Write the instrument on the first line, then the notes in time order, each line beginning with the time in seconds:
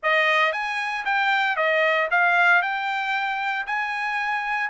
trumpet
0.02 D#5
0.52 G#5
1.05 G5
1.56 D#5
2.11 F5
2.61 G5
3.66 G#5